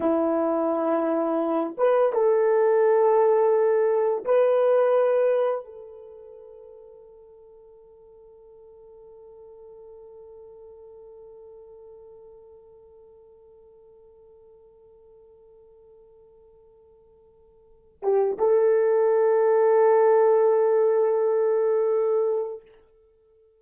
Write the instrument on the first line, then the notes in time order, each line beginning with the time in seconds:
horn
0.00 E4
1.77 B4
2.12 A4
4.24 B4
5.64 A4
18.02 G4
18.38 A4